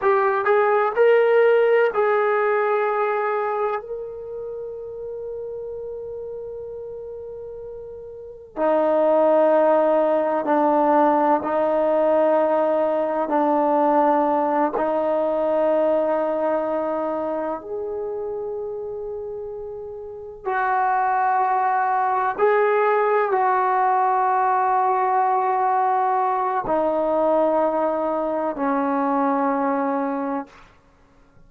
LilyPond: \new Staff \with { instrumentName = "trombone" } { \time 4/4 \tempo 4 = 63 g'8 gis'8 ais'4 gis'2 | ais'1~ | ais'4 dis'2 d'4 | dis'2 d'4. dis'8~ |
dis'2~ dis'8 gis'4.~ | gis'4. fis'2 gis'8~ | gis'8 fis'2.~ fis'8 | dis'2 cis'2 | }